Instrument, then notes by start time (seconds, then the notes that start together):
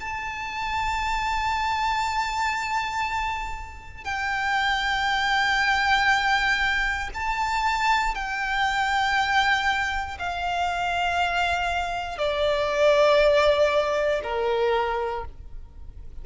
violin
0.00 A5
4.04 G5
7.14 A5
8.14 G5
10.19 F5
12.18 D5
14.23 A#4